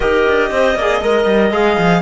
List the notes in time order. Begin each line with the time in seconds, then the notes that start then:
0.00 D#4 G4 A#4 D#5
0.28 D4
0.50 C4 C5
0.75 A#3 G#4 D5
1.00 G#3 A#4 D#5
1.25 G3
1.51 G#3 G#4 F5
1.77 F3